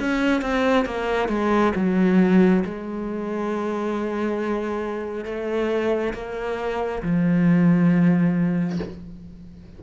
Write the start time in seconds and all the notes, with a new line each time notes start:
0.00 C#4
0.42 C4
0.86 A#3
1.29 G#3
1.76 F#3
2.65 G#3
5.25 A3
6.14 A#3
7.03 F3